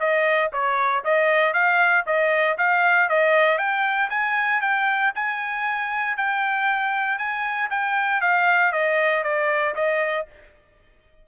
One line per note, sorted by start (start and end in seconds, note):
0.00 0.51 D#5
0.53 1.04 C#5
1.04 1.54 D#5
1.54 2.05 F5
2.07 2.58 D#5
2.58 3.09 F5
3.09 3.59 D#5
3.59 4.10 G5
4.10 4.61 G#5
4.61 5.13 G5
5.15 6.17 G#5
6.17 7.19 G5
7.19 7.70 G#5
7.70 8.21 G5
8.21 8.73 F5
8.73 9.24 D#5
9.24 9.75 D5
9.76 10.27 D#5